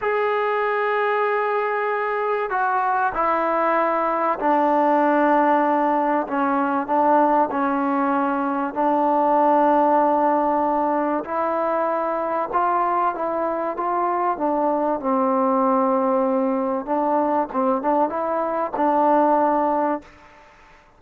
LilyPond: \new Staff \with { instrumentName = "trombone" } { \time 4/4 \tempo 4 = 96 gis'1 | fis'4 e'2 d'4~ | d'2 cis'4 d'4 | cis'2 d'2~ |
d'2 e'2 | f'4 e'4 f'4 d'4 | c'2. d'4 | c'8 d'8 e'4 d'2 | }